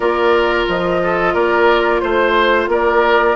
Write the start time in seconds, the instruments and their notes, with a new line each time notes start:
0.00 bassoon A#3, clarinet F4, oboe A#4, flute D5
0.68 bassoon F3, flute D#5
1.03 oboe A4
1.33 bassoon A#3, oboe A#4, flute D5
2.00 bassoon A3, flute C5, oboe C5
2.67 bassoon A#3, oboe A#4, flute D5